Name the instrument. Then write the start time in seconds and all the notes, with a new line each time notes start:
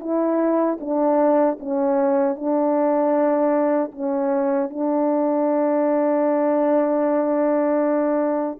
horn
0.00 E4
0.80 D4
1.60 C#4
2.36 D4
3.92 C#4
4.70 D4